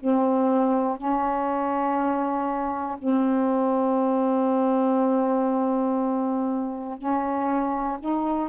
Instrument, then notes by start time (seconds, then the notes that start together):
saxophone
0.00 C4
0.98 C#4
2.99 C4
6.98 C#4
8.00 D#4